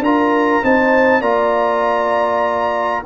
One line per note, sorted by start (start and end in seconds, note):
0.00 0.61 D4
0.00 0.64 F4
0.00 0.64 A#4
0.00 0.65 A#5
0.64 1.21 C4
0.64 1.22 D#4
0.64 1.21 C5
0.64 1.22 A5
1.21 3.03 A#3
1.21 3.04 F4
1.21 3.03 D5
1.21 3.04 A#5